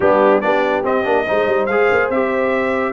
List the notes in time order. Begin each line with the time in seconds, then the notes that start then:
0.00 G3 B3 D4 G4
0.40 B3 D4 G4 D5
0.83 C4 D#5
1.04 A#3 D4
1.27 G#3 D#4 C5
1.47 G3
1.66 G#3 G#4 F5
1.91 A#3
2.09 C4 G4 E5